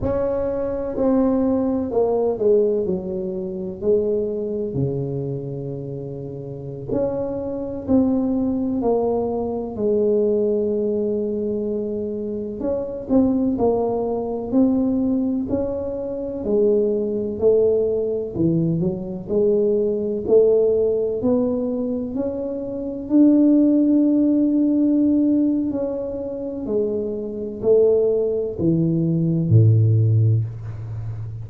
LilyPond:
\new Staff \with { instrumentName = "tuba" } { \time 4/4 \tempo 4 = 63 cis'4 c'4 ais8 gis8 fis4 | gis4 cis2~ cis16 cis'8.~ | cis'16 c'4 ais4 gis4.~ gis16~ | gis4~ gis16 cis'8 c'8 ais4 c'8.~ |
c'16 cis'4 gis4 a4 e8 fis16~ | fis16 gis4 a4 b4 cis'8.~ | cis'16 d'2~ d'8. cis'4 | gis4 a4 e4 a,4 | }